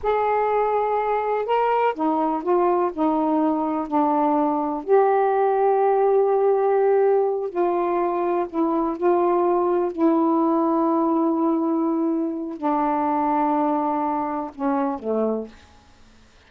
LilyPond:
\new Staff \with { instrumentName = "saxophone" } { \time 4/4 \tempo 4 = 124 gis'2. ais'4 | dis'4 f'4 dis'2 | d'2 g'2~ | g'2.~ g'8 f'8~ |
f'4. e'4 f'4.~ | f'8 e'2.~ e'8~ | e'2 d'2~ | d'2 cis'4 a4 | }